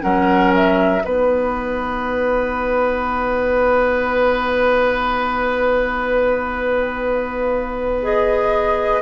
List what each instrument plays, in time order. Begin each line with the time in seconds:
0.00 bassoon F#3, clarinet C#4, oboe A#4, flute F#5
0.54 flute E5
1.00 bassoon B3, clarinet D#4, oboe B4, flute F#5
8.02 clarinet G#4, flute D#5